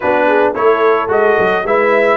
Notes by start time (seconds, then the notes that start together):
0.00 B3 D4 F#4 B4
0.27 G#4
0.54 A3 E4 A4 C#5
1.08 G#3 F#4 D#5
1.39 F#3
1.64 G#3 E4 B4 E5